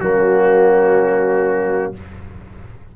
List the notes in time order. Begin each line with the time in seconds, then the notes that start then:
0.00 F#3 A#3 C#4 F#4